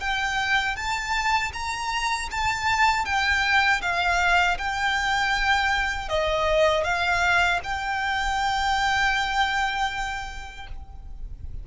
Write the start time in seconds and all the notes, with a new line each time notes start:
0.00 G5
0.76 A5
1.53 A#5
2.31 A5
3.05 G5
3.81 F5
4.58 G5
6.09 D#5
6.84 F5
7.63 G5